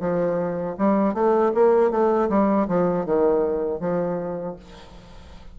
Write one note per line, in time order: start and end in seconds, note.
0.00 0.76 F3
0.78 1.14 G3
1.14 1.52 A3
1.54 1.91 A#3
1.91 2.29 A3
2.29 2.67 G3
2.68 3.06 F3
3.06 3.80 D#3
3.80 4.56 F3